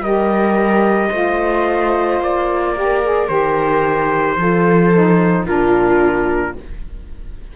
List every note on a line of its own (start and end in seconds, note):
0.00 1.09 G3
0.00 1.12 G4
0.00 1.09 A#4
0.00 2.22 D#5
1.09 2.20 A3
1.09 2.76 F4
1.09 2.73 C5
2.20 3.29 A#3
2.20 3.29 D5
2.75 3.03 G4
2.75 4.39 A#4
3.03 3.27 G#4
3.27 4.37 D#3
3.27 4.36 G4
3.27 5.47 C5
4.37 5.46 F3
4.37 4.92 F4
4.37 5.46 A4
4.94 5.47 D#4
5.46 6.55 A#2
5.46 6.56 D4
5.46 6.55 F4
5.46 6.56 A#4